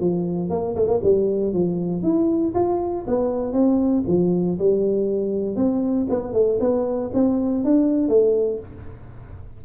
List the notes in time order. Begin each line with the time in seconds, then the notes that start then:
0.00 F3
0.50 A#3
0.76 A3
0.88 A#3
1.03 G3
1.53 F3
2.03 E4
2.54 F4
3.08 B3
3.53 C4
4.07 F3
4.59 G3
5.56 C4
6.10 B3
6.34 A3
6.60 B3
7.14 C4
7.65 D4
8.09 A3